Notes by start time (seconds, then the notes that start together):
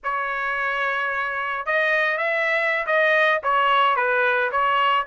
0.03 C#5
1.66 D#5
2.17 E5
2.86 D#5
3.43 C#5
3.96 B4
4.51 C#5